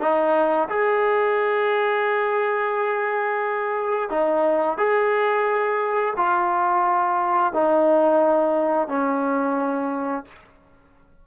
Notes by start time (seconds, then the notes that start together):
0.00 D#4
0.69 G#4
4.10 D#4
4.78 G#4
6.17 F4
7.53 D#4
8.88 C#4